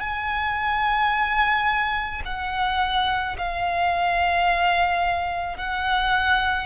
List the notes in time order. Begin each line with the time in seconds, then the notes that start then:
0.00 G#5
2.25 F#5
3.38 F5
5.58 F#5